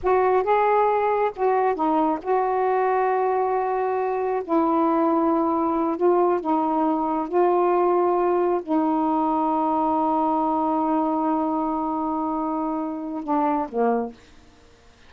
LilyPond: \new Staff \with { instrumentName = "saxophone" } { \time 4/4 \tempo 4 = 136 fis'4 gis'2 fis'4 | dis'4 fis'2.~ | fis'2 e'2~ | e'4. f'4 dis'4.~ |
dis'8 f'2. dis'8~ | dis'1~ | dis'1~ | dis'2 d'4 ais4 | }